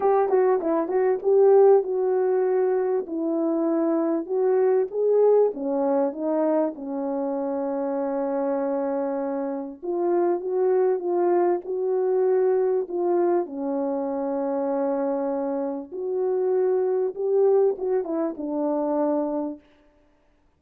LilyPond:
\new Staff \with { instrumentName = "horn" } { \time 4/4 \tempo 4 = 98 g'8 fis'8 e'8 fis'8 g'4 fis'4~ | fis'4 e'2 fis'4 | gis'4 cis'4 dis'4 cis'4~ | cis'1 |
f'4 fis'4 f'4 fis'4~ | fis'4 f'4 cis'2~ | cis'2 fis'2 | g'4 fis'8 e'8 d'2 | }